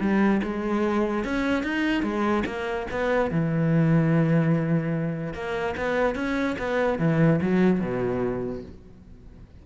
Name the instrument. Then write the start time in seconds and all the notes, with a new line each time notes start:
cello
0.00 G3
0.43 G#3
1.25 C#4
1.63 D#4
2.03 G#3
2.46 A#3
2.91 B3
3.31 E3
5.33 A#3
5.77 B3
6.15 C#4
6.58 B3
6.99 E3
7.41 F#3
7.80 B2